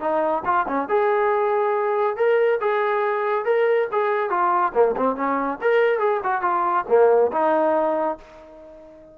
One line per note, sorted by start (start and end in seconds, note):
0.00 0.43 D#4
0.45 0.66 F4
0.67 0.88 C#4
0.88 2.17 G#4
2.17 2.59 A#4
2.60 3.45 G#4
3.45 3.88 A#4
3.92 4.30 G#4
4.30 4.72 F4
4.74 4.95 A#3
4.96 5.16 C4
5.16 5.59 C#4
5.61 5.99 A#4
5.99 6.20 G#4
6.23 6.42 F#4
6.42 6.85 F4
6.88 7.31 A#3
7.32 8.18 D#4